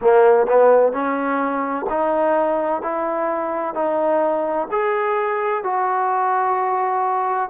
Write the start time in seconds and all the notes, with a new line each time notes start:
0.01 A#3
0.46 B3
0.92 C#4
1.89 D#4
2.82 E4
3.74 D#4
4.71 G#4
5.63 F#4